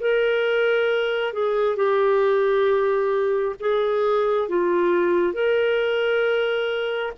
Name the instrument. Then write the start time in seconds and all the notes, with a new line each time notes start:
clarinet
0.00 A#4
1.33 G#4
1.76 G4
3.59 G#4
4.48 F4
5.33 A#4